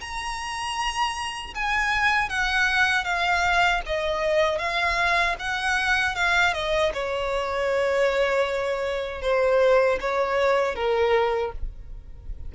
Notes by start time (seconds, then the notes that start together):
0.00 A#5
1.55 G#5
2.29 F#5
3.04 F5
3.86 D#5
4.58 F5
5.39 F#5
6.15 F5
6.54 D#5
6.94 C#5
9.22 C5
10.00 C#5
10.75 A#4